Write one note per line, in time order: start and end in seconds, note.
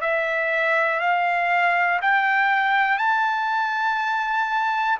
0.00 1.00 E5
1.00 2.00 F5
2.01 2.98 G5
2.98 4.98 A5